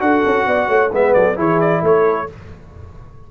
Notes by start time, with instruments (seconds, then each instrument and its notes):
0.00 tuba D4, trombone F#4, horn A4, trumpet F#5
0.26 tuba C#4
0.47 tuba B3, horn D5
0.69 tuba A3, horn C#5
0.92 tuba G#3, trombone B3, horn B4, trumpet E5
1.14 tuba F#3, horn A4, trumpet D5
1.36 tuba E3, trombone E4, horn G#4, trumpet C#5
1.61 trumpet D5
1.83 tuba A3, horn A4, trumpet C#5